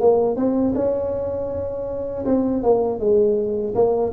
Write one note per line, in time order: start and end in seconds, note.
0.00 0.36 A#3
0.36 0.74 C4
0.75 2.25 C#4
2.25 2.63 C4
2.63 2.99 A#3
2.99 3.74 G#3
3.75 4.12 A#3